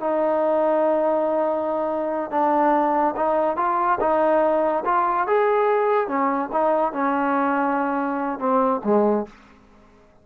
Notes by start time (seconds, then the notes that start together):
0.00 D#4
2.31 D4
3.16 D#4
3.57 F4
4.00 D#4
4.85 F4
5.27 G#4
6.08 C#4
6.52 D#4
6.93 C#4
8.39 C4
8.84 G#3